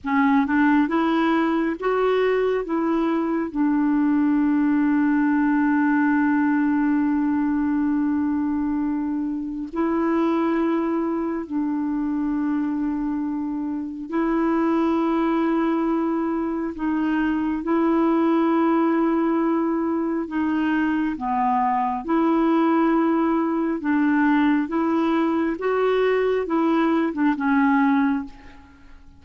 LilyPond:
\new Staff \with { instrumentName = "clarinet" } { \time 4/4 \tempo 4 = 68 cis'8 d'8 e'4 fis'4 e'4 | d'1~ | d'2. e'4~ | e'4 d'2. |
e'2. dis'4 | e'2. dis'4 | b4 e'2 d'4 | e'4 fis'4 e'8. d'16 cis'4 | }